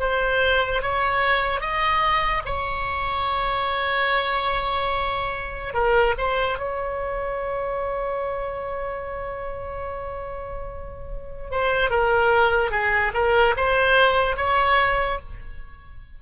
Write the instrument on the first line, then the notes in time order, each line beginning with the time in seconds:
oboe
0.00 C5
0.83 C#5
1.61 D#5
2.45 C#5
5.74 A#4
6.18 C5
6.59 C#5
11.51 C5
11.91 A#4
12.71 G#4
13.14 A#4
13.57 C5
14.37 C#5